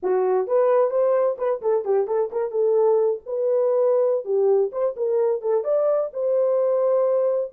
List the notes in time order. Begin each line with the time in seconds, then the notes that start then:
0.02 F#4
0.47 B4
0.90 C5
1.38 B4
1.61 A4
1.84 G4
2.07 A4
2.32 A#4
2.51 A4
3.26 B4
4.24 G4
4.72 C5
4.96 A#4
5.41 A4
5.64 D5
6.13 C5